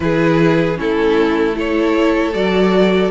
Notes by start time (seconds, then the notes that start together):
0.00 E3 E4 G#4 B4
0.75 A3 C#4 E4 A4
1.54 E4 A4 C#5
2.33 F#3 F#4 D5